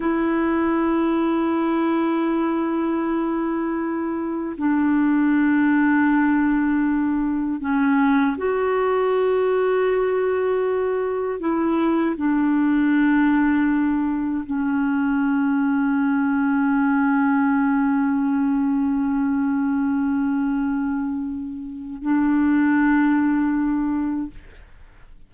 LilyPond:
\new Staff \with { instrumentName = "clarinet" } { \time 4/4 \tempo 4 = 79 e'1~ | e'2 d'2~ | d'2 cis'4 fis'4~ | fis'2. e'4 |
d'2. cis'4~ | cis'1~ | cis'1~ | cis'4 d'2. | }